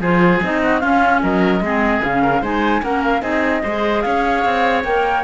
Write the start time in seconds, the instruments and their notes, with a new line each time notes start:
0.00 cello F3, clarinet F4, oboe G#4, flute C5
0.43 cello C4, clarinet D#4, flute D#5
0.63 oboe F#4
0.80 clarinet C#4, cello C#4, oboe F4, flute F5
1.23 cello F#3, oboe A#4, flute D#5
1.60 cello G#3, clarinet C4, oboe G#4
2.02 cello C#3, clarinet C#4, flute F5
2.22 oboe A#4
2.41 cello G#3, clarinet D#4, oboe C5, flute G#5
2.82 cello A#3, clarinet C#4, oboe A#4, flute F#5
3.04 flute F5
3.21 cello C4, clarinet D#4, oboe G#4, flute D#5
3.63 cello G#3, clarinet G#4, oboe C5
4.02 cello C#4, oboe C#5, flute F5
4.44 cello C4
4.84 cello A#3, clarinet A#4, flute G5